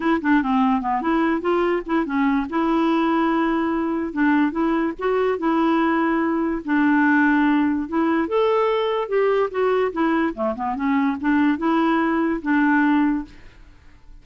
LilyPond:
\new Staff \with { instrumentName = "clarinet" } { \time 4/4 \tempo 4 = 145 e'8 d'8 c'4 b8 e'4 f'8~ | f'8 e'8 cis'4 e'2~ | e'2 d'4 e'4 | fis'4 e'2. |
d'2. e'4 | a'2 g'4 fis'4 | e'4 a8 b8 cis'4 d'4 | e'2 d'2 | }